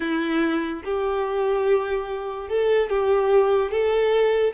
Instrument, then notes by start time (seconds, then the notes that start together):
violin
0.00 E4
0.84 G4
2.48 A4
2.89 G4
3.71 A4